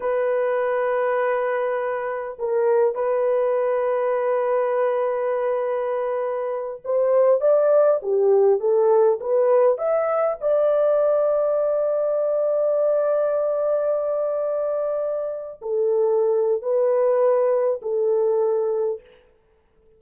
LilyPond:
\new Staff \with { instrumentName = "horn" } { \time 4/4 \tempo 4 = 101 b'1 | ais'4 b'2.~ | b'2.~ b'8 c''8~ | c''8 d''4 g'4 a'4 b'8~ |
b'8 e''4 d''2~ d''8~ | d''1~ | d''2~ d''16 a'4.~ a'16 | b'2 a'2 | }